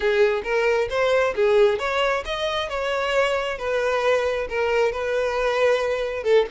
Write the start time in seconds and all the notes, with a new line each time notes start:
0.00 G#4
0.43 A#4
0.89 C5
1.35 G#4
1.78 C#5
2.25 D#5
2.69 C#5
3.58 B4
4.49 A#4
4.92 B4
6.23 A4